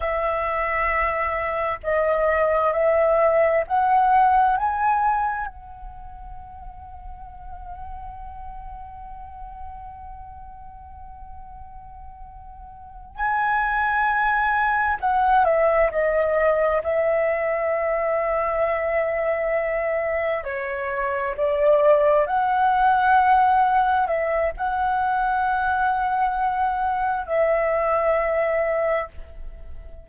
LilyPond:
\new Staff \with { instrumentName = "flute" } { \time 4/4 \tempo 4 = 66 e''2 dis''4 e''4 | fis''4 gis''4 fis''2~ | fis''1~ | fis''2~ fis''8 gis''4.~ |
gis''8 fis''8 e''8 dis''4 e''4.~ | e''2~ e''8 cis''4 d''8~ | d''8 fis''2 e''8 fis''4~ | fis''2 e''2 | }